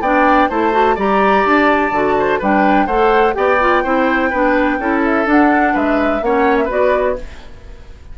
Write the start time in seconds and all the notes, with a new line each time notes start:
0.00 B3 D4 D5 G5
0.49 A3 E4 C5 A5
0.72 F#4
0.95 G3 G4 D5 A#5
1.45 D4 A5
1.91 D3 F#4
2.19 C5
2.39 G3 D4 B4 G5
2.86 A3 A4 C5 F#5
3.33 B3 G4 D5 G5
3.60 F4
3.83 C4 E4 C5
4.30 B3 D4 B4
4.78 C#4 E4 A4
5.04 E5
5.25 D4 F#5
5.73 G#3 B4 E5
6.21 A#3 C#4 C#5 F#5
6.57 E5
6.64 B3 F#4 B4
6.71 D5